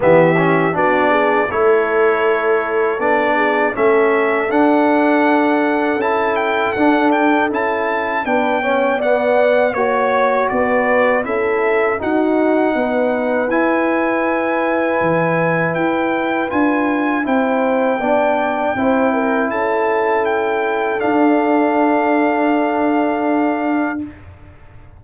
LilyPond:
<<
  \new Staff \with { instrumentName = "trumpet" } { \time 4/4 \tempo 4 = 80 e''4 d''4 cis''2 | d''4 e''4 fis''2 | a''8 g''8 fis''8 g''8 a''4 g''4 | fis''4 cis''4 d''4 e''4 |
fis''2 gis''2~ | gis''4 g''4 gis''4 g''4~ | g''2 a''4 g''4 | f''1 | }
  \new Staff \with { instrumentName = "horn" } { \time 4/4 g'4 fis'8 gis'8 a'2~ | a'8 gis'8 a'2.~ | a'2. b'8 cis''8 | d''4 cis''4 b'4 a'4 |
fis'4 b'2.~ | b'2. c''4 | d''4 c''8 ais'8 a'2~ | a'1 | }
  \new Staff \with { instrumentName = "trombone" } { \time 4/4 b8 cis'8 d'4 e'2 | d'4 cis'4 d'2 | e'4 d'4 e'4 d'8 cis'8 | b4 fis'2 e'4 |
dis'2 e'2~ | e'2 f'4 e'4 | d'4 e'2. | d'1 | }
  \new Staff \with { instrumentName = "tuba" } { \time 4/4 e4 b4 a2 | b4 a4 d'2 | cis'4 d'4 cis'4 b4~ | b4 ais4 b4 cis'4 |
dis'4 b4 e'2 | e4 e'4 d'4 c'4 | b4 c'4 cis'2 | d'1 | }
>>